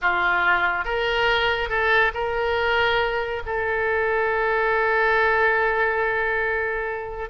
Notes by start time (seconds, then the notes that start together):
0.01 F4
0.85 A#4
1.69 A4
2.14 A#4
3.46 A4